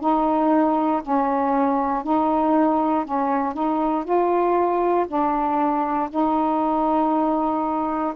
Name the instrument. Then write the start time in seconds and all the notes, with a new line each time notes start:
saxophone
0.00 D#4
1.02 C#4
2.03 D#4
3.05 C#4
3.53 D#4
4.04 F4
5.07 D4
6.10 D#4